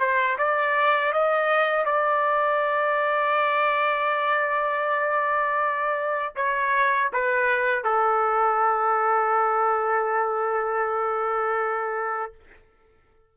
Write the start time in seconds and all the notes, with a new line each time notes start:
0.00 C5
0.39 D5
1.13 D#5
1.86 D5
6.36 C#5
7.13 B4
7.84 A4